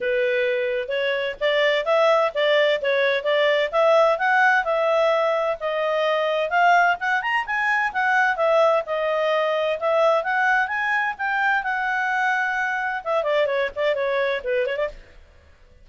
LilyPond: \new Staff \with { instrumentName = "clarinet" } { \time 4/4 \tempo 4 = 129 b'2 cis''4 d''4 | e''4 d''4 cis''4 d''4 | e''4 fis''4 e''2 | dis''2 f''4 fis''8 ais''8 |
gis''4 fis''4 e''4 dis''4~ | dis''4 e''4 fis''4 gis''4 | g''4 fis''2. | e''8 d''8 cis''8 d''8 cis''4 b'8 cis''16 d''16 | }